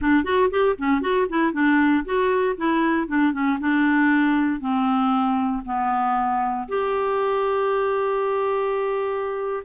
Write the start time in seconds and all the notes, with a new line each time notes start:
0.01 D4
0.24 F#4
0.50 G4
0.78 C#4
1.01 F#4
1.29 E4
1.52 D4
2.04 F#4
2.57 E4
3.07 D4
3.32 C#4
3.59 D4
4.60 C4
5.65 B3
6.68 G4